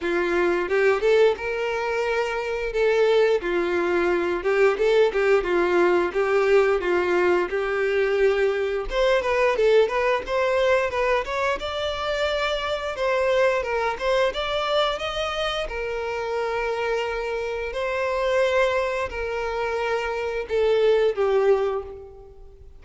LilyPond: \new Staff \with { instrumentName = "violin" } { \time 4/4 \tempo 4 = 88 f'4 g'8 a'8 ais'2 | a'4 f'4. g'8 a'8 g'8 | f'4 g'4 f'4 g'4~ | g'4 c''8 b'8 a'8 b'8 c''4 |
b'8 cis''8 d''2 c''4 | ais'8 c''8 d''4 dis''4 ais'4~ | ais'2 c''2 | ais'2 a'4 g'4 | }